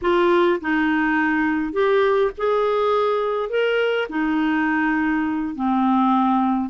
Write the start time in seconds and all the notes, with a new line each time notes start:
0.01 F4
0.60 D#4
1.72 G4
2.37 G#4
3.49 A#4
4.09 D#4
5.55 C4